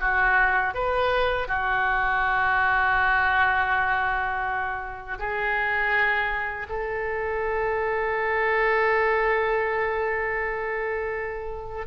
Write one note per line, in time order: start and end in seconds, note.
0.00 0.74 F#4
0.74 1.48 B4
1.48 5.18 F#4
5.19 6.67 G#4
6.69 11.87 A4